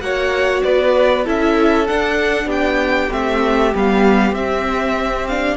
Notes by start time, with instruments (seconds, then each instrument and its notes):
0.00 cello A#3, viola F#4, violin C#5 F#5
0.63 cello B3, violin B4 D5
1.25 cello C#4, viola E4, violin A4 E5
1.87 viola D4, cello D4, violin F#5
2.45 cello B3, violin G4 G5
3.11 cello A3, viola C4, violin E5
3.75 cello G3, viola B3, violin F5
4.32 cello C4, viola C4, violin E5
5.27 viola D4, violin F5